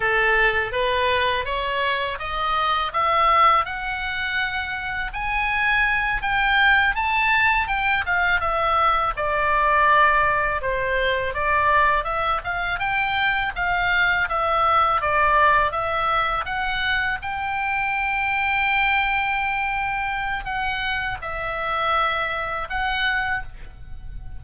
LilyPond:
\new Staff \with { instrumentName = "oboe" } { \time 4/4 \tempo 4 = 82 a'4 b'4 cis''4 dis''4 | e''4 fis''2 gis''4~ | gis''8 g''4 a''4 g''8 f''8 e''8~ | e''8 d''2 c''4 d''8~ |
d''8 e''8 f''8 g''4 f''4 e''8~ | e''8 d''4 e''4 fis''4 g''8~ | g''1 | fis''4 e''2 fis''4 | }